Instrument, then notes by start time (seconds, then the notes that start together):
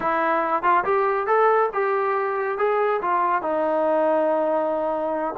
trombone
0.00 E4
0.62 F4
0.84 G4
1.26 A4
1.73 G4
2.58 G#4
3.01 F4
3.41 D#4